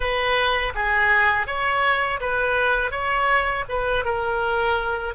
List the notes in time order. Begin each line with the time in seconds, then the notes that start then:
0.00 B4
0.75 G#4
1.46 C#5
2.20 B4
2.91 C#5
3.68 B4
4.04 A#4